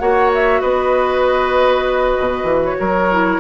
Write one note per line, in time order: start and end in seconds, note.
0.00 0.63 A#3
0.00 3.10 F#4
0.00 0.62 C#5
0.00 0.31 F#5
0.35 0.61 E5
0.61 2.18 B3
0.61 2.78 B4
0.61 2.62 D#5
2.20 2.44 B2
2.44 2.75 E3
2.65 3.40 C#5
2.80 3.40 F#3
2.80 3.40 A#4
3.12 3.40 E4